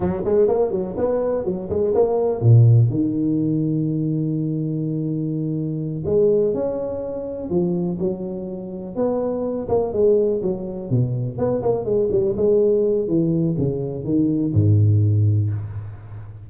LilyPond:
\new Staff \with { instrumentName = "tuba" } { \time 4/4 \tempo 4 = 124 fis8 gis8 ais8 fis8 b4 fis8 gis8 | ais4 ais,4 dis2~ | dis1~ | dis8 gis4 cis'2 f8~ |
f8 fis2 b4. | ais8 gis4 fis4 b,4 b8 | ais8 gis8 g8 gis4. e4 | cis4 dis4 gis,2 | }